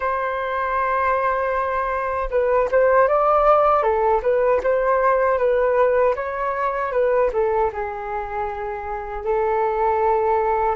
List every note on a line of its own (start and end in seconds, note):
0.00 2.29 C5
2.30 2.69 B4
2.71 3.08 C5
3.08 3.83 D5
3.83 4.21 A4
4.22 4.60 B4
4.63 5.37 C5
5.37 6.14 B4
6.15 6.92 C#5
6.92 7.30 B4
7.33 7.71 A4
7.72 9.24 G#4
9.24 10.75 A4